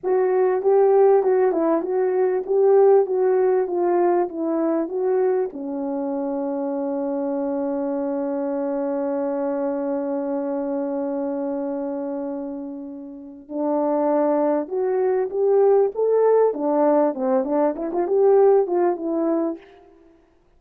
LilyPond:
\new Staff \with { instrumentName = "horn" } { \time 4/4 \tempo 4 = 98 fis'4 g'4 fis'8 e'8 fis'4 | g'4 fis'4 f'4 e'4 | fis'4 cis'2.~ | cis'1~ |
cis'1~ | cis'2 d'2 | fis'4 g'4 a'4 d'4 | c'8 d'8 e'16 f'16 g'4 f'8 e'4 | }